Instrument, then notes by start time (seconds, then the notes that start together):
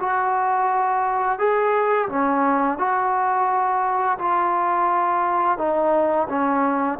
trombone
0.00 F#4
1.39 G#4
2.09 C#4
2.79 F#4
4.19 F4
5.58 D#4
6.29 C#4